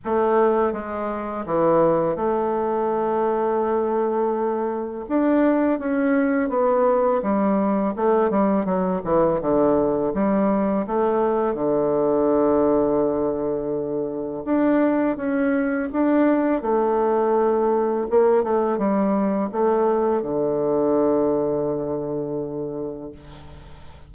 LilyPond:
\new Staff \with { instrumentName = "bassoon" } { \time 4/4 \tempo 4 = 83 a4 gis4 e4 a4~ | a2. d'4 | cis'4 b4 g4 a8 g8 | fis8 e8 d4 g4 a4 |
d1 | d'4 cis'4 d'4 a4~ | a4 ais8 a8 g4 a4 | d1 | }